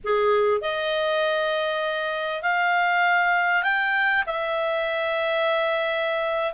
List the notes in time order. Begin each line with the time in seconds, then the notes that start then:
0.03 G#4
0.61 D#5
2.42 F5
3.63 G5
4.26 E5